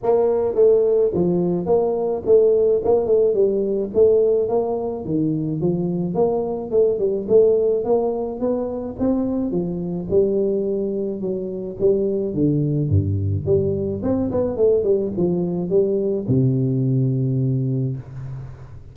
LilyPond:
\new Staff \with { instrumentName = "tuba" } { \time 4/4 \tempo 4 = 107 ais4 a4 f4 ais4 | a4 ais8 a8 g4 a4 | ais4 dis4 f4 ais4 | a8 g8 a4 ais4 b4 |
c'4 f4 g2 | fis4 g4 d4 g,4 | g4 c'8 b8 a8 g8 f4 | g4 c2. | }